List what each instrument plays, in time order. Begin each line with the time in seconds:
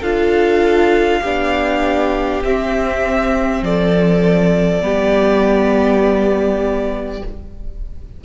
0.00 cello D4, viola F4, violin A4 F5
1.20 cello B3, viola D4, violin G4
2.43 cello C4, viola C4, violin E5
3.62 cello F3, violin A4 D5
4.80 cello G3, viola B3, violin G4